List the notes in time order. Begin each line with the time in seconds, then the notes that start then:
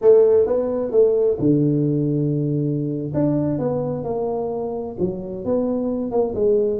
0.01 A3
0.46 B3
0.91 A3
1.39 D3
3.14 D4
3.58 B3
4.04 A#3
4.99 F#3
5.44 B3
6.11 A#3
6.35 G#3